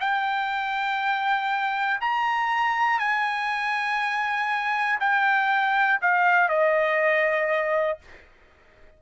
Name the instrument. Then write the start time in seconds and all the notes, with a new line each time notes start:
trumpet
0.00 G5
2.00 A#5
3.00 G#5
5.00 G5
6.01 F5
6.49 D#5